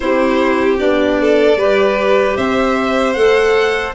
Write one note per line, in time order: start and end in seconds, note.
0.00 0.80 C4
0.00 0.77 E4
0.00 1.21 G4
0.00 0.77 C5
0.77 1.56 B3
0.77 1.56 D4
0.77 2.36 D5
1.21 1.58 A4
1.56 2.35 G3
1.56 3.16 G4
1.56 2.37 B4
2.36 3.15 C4
2.36 3.94 C5
2.36 3.13 E5
3.13 3.94 A3
3.13 3.95 A4
3.13 3.92 F#5